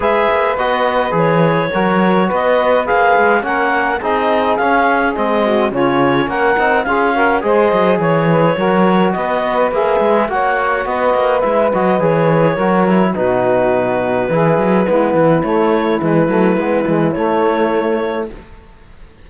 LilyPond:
<<
  \new Staff \with { instrumentName = "clarinet" } { \time 4/4 \tempo 4 = 105 e''4 dis''4 cis''2 | dis''4 f''4 fis''4 dis''4 | f''4 dis''4 cis''4 fis''4 | f''4 dis''4 cis''2 |
dis''4 e''4 fis''4 dis''4 | e''8 dis''8 cis''2 b'4~ | b'2. cis''4 | b'2 cis''2 | }
  \new Staff \with { instrumentName = "saxophone" } { \time 4/4 b'2. ais'4 | b'2 ais'4 gis'4~ | gis'4. fis'8 f'4 ais'4 | gis'8 ais'8 c''4 cis''8 b'8 ais'4 |
b'2 cis''4 b'4~ | b'2 ais'4 fis'4~ | fis'4 gis'4 e'2~ | e'1 | }
  \new Staff \with { instrumentName = "trombone" } { \time 4/4 gis'4 fis'4 gis'4 fis'4~ | fis'4 gis'4 cis'4 dis'4 | cis'4 c'4 cis'4. dis'8 | f'8 fis'8 gis'2 fis'4~ |
fis'4 gis'4 fis'2 | e'8 fis'8 gis'4 fis'8 e'8 dis'4~ | dis'4 e'4 b4 a4 | gis8 a8 b8 gis8 a2 | }
  \new Staff \with { instrumentName = "cello" } { \time 4/4 gis8 ais8 b4 e4 fis4 | b4 ais8 gis8 ais4 c'4 | cis'4 gis4 cis4 ais8 c'8 | cis'4 gis8 fis8 e4 fis4 |
b4 ais8 gis8 ais4 b8 ais8 | gis8 fis8 e4 fis4 b,4~ | b,4 e8 fis8 gis8 e8 a4 | e8 fis8 gis8 e8 a2 | }
>>